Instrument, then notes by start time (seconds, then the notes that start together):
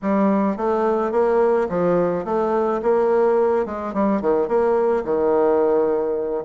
bassoon
0.02 G3
0.57 A3
1.11 A#3
1.69 F3
2.24 A3
2.82 A#3
3.65 G#3
3.93 G3
4.21 D#3
4.48 A#3
5.04 D#3